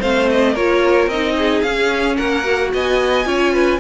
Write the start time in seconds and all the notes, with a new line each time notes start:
0.00 A3 C4 C5 F5
0.30 D#5
0.52 A#3 F4 A#4 C#5
1.07 C4 D#4 D#5
1.37 G#4
1.62 C#4 F5
2.16 A#3 A#4 F#5
2.43 F#4
2.73 B3 D#5 G#5
3.25 C#4 F4 C#5
3.53 B4